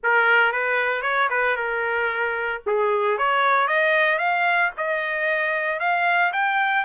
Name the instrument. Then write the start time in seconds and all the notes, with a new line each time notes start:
trumpet
0.03 A#4
0.52 B4
1.01 C#5
1.30 B4
1.56 A#4
2.66 G#4
3.18 C#5
3.67 D#5
4.18 F5
4.77 D#5
5.79 F5
6.33 G5